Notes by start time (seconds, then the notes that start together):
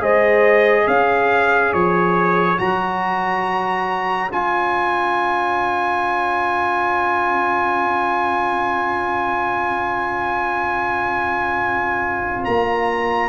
0.00 G#3 G#4 C5 D#5
0.87 C#4 C#5 F5
1.74 F3 C#5
2.58 F#3 F#4 A#5
4.31 C#4 F4 G#5
12.45 A#3 A#5